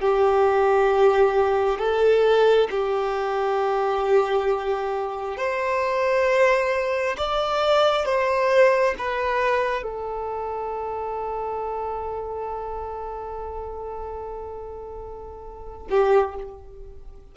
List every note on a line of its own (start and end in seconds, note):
0.00 1.78 G4
1.78 2.68 A4
2.70 5.37 G4
5.37 7.16 C5
7.17 8.05 D5
8.05 8.94 C5
8.98 9.83 B4
9.83 15.87 A4
15.90 16.35 G4